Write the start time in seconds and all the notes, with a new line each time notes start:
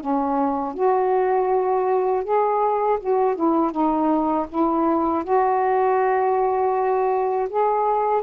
0.00 C#4
0.74 F#4
2.24 G#4
3.00 F#4
3.35 E4
3.72 D#4
4.49 E4
5.24 F#4
7.49 G#4